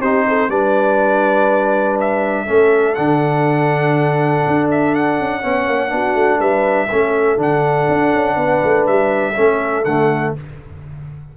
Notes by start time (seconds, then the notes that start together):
0.00 C4 D#4 G4 C5
0.28 A4
0.49 G3 D4 B4 D5
2.00 E5
2.46 A3 C#4 A4
2.95 D3 D4 F#5
4.47 D4
4.71 E5
4.95 F#5
5.20 C#4
5.42 B3 C#4 C#5
5.67 A#3
5.90 B3 D4 F#4
6.15 A3
6.39 G3 B4 E5
6.90 A3 C#4 A4
7.38 D3 D4 F#5
7.89 D4
8.14 C#4
8.36 B3 B4
8.64 A3
8.87 G3 E5
9.35 A3 C#4 A4
9.85 D3 A3 F#5